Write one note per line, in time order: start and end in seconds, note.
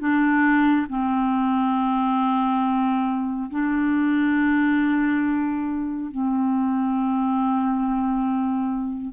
0.00 0.87 D4
0.89 3.50 C4
3.51 6.11 D4
6.11 9.13 C4